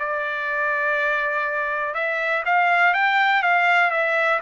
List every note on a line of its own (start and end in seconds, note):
0.00 1.94 D5
1.94 2.44 E5
2.46 2.94 F5
2.94 3.43 G5
3.43 3.91 F5
3.91 4.40 E5